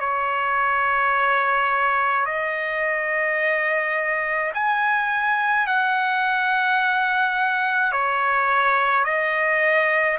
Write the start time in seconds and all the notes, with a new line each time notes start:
0.00 C#5
2.26 D#5
4.54 G#5
5.67 F#5
7.92 C#5
9.04 D#5